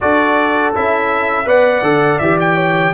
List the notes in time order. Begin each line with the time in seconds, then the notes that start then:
0.00 D4 F#4 A4 D5
0.74 C#4 E4 E5
1.45 B3 B4 D5 F#5
1.82 D3 A4
2.18 E3 G4 E5
2.39 G5
2.55 C#5